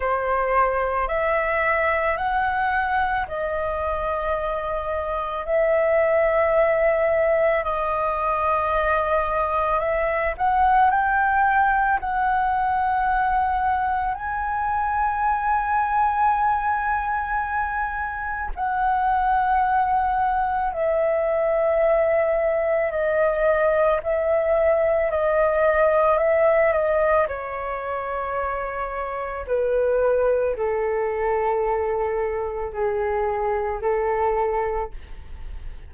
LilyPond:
\new Staff \with { instrumentName = "flute" } { \time 4/4 \tempo 4 = 55 c''4 e''4 fis''4 dis''4~ | dis''4 e''2 dis''4~ | dis''4 e''8 fis''8 g''4 fis''4~ | fis''4 gis''2.~ |
gis''4 fis''2 e''4~ | e''4 dis''4 e''4 dis''4 | e''8 dis''8 cis''2 b'4 | a'2 gis'4 a'4 | }